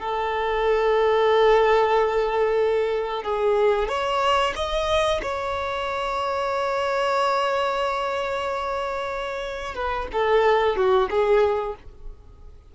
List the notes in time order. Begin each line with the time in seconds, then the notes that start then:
0.00 A4
3.23 G#4
3.89 C#5
4.56 D#5
5.23 C#5
9.75 B4
10.13 A4
10.77 F#4
11.10 G#4